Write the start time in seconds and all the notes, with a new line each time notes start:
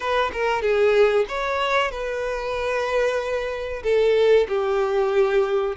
0.00 B4
0.32 A#4
0.62 G#4
1.28 C#5
1.91 B4
3.83 A4
4.48 G4